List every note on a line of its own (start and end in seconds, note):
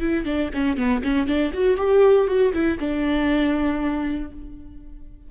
0.00 0.25 E4
0.25 0.50 D4
0.54 0.77 C#4
0.77 1.02 B3
1.03 1.27 C#4
1.27 1.52 D4
1.53 1.77 F#4
1.77 2.27 G4
2.28 2.53 F#4
2.53 2.78 E4
2.80 4.31 D4